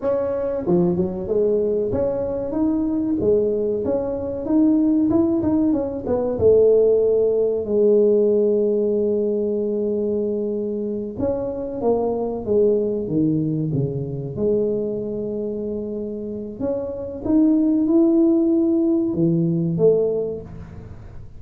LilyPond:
\new Staff \with { instrumentName = "tuba" } { \time 4/4 \tempo 4 = 94 cis'4 f8 fis8 gis4 cis'4 | dis'4 gis4 cis'4 dis'4 | e'8 dis'8 cis'8 b8 a2 | gis1~ |
gis4. cis'4 ais4 gis8~ | gis8 dis4 cis4 gis4.~ | gis2 cis'4 dis'4 | e'2 e4 a4 | }